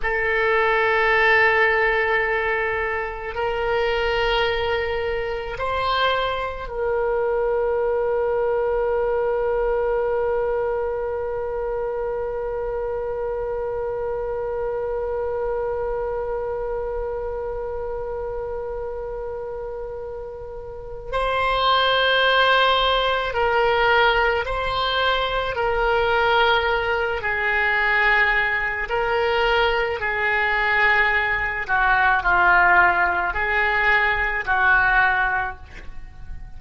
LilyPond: \new Staff \with { instrumentName = "oboe" } { \time 4/4 \tempo 4 = 54 a'2. ais'4~ | ais'4 c''4 ais'2~ | ais'1~ | ais'1~ |
ais'2. c''4~ | c''4 ais'4 c''4 ais'4~ | ais'8 gis'4. ais'4 gis'4~ | gis'8 fis'8 f'4 gis'4 fis'4 | }